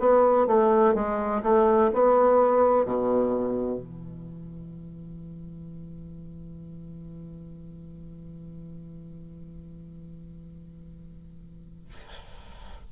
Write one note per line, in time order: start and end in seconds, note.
0.00 0.48 B3
0.48 0.95 A3
0.95 1.43 G#3
1.43 1.91 A3
1.94 2.86 B3
2.86 3.79 B2
3.79 11.89 E3